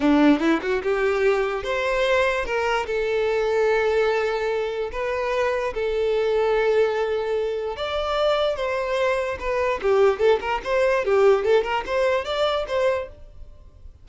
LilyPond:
\new Staff \with { instrumentName = "violin" } { \time 4/4 \tempo 4 = 147 d'4 e'8 fis'8 g'2 | c''2 ais'4 a'4~ | a'1 | b'2 a'2~ |
a'2. d''4~ | d''4 c''2 b'4 | g'4 a'8 ais'8 c''4 g'4 | a'8 ais'8 c''4 d''4 c''4 | }